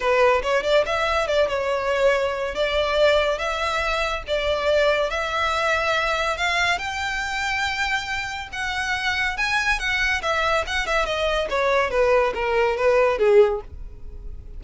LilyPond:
\new Staff \with { instrumentName = "violin" } { \time 4/4 \tempo 4 = 141 b'4 cis''8 d''8 e''4 d''8 cis''8~ | cis''2 d''2 | e''2 d''2 | e''2. f''4 |
g''1 | fis''2 gis''4 fis''4 | e''4 fis''8 e''8 dis''4 cis''4 | b'4 ais'4 b'4 gis'4 | }